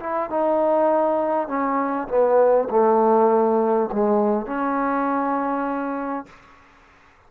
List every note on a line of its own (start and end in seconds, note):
0.00 0.30 E4
0.30 1.48 D#4
1.48 2.08 C#4
2.08 2.68 B3
2.70 3.90 A3
3.92 4.46 G#3
4.46 6.26 C#4